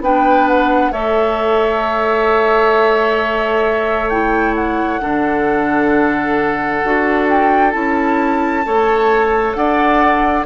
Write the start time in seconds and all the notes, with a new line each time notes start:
0.00 B3 D4 B4 G5
0.47 F#5
0.91 A3 A4 C#5 E5
4.09 E4 G5
4.55 F#5
5.00 D3 D4 A4
6.84 D4 F#4
7.29 G5
7.71 C#4 E4 A5
8.65 A3 A4 C#5
9.54 D4 D5 F#5